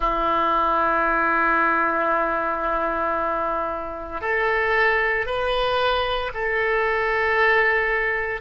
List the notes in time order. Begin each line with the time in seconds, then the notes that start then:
0.00 E4
4.21 A4
5.26 B4
6.33 A4